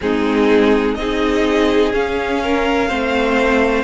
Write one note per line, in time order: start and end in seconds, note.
0.01 0.97 G#3
0.01 0.98 C4
0.01 0.98 D#4
0.01 0.95 G#4
0.95 1.93 C4
0.95 1.93 D#4
0.95 2.43 G#4
0.95 1.91 D#5
1.93 2.89 C#4
1.93 2.90 C#4
1.93 3.83 F5
2.43 2.88 A#4
2.88 3.83 A3
2.88 3.83 C4
2.88 3.83 C5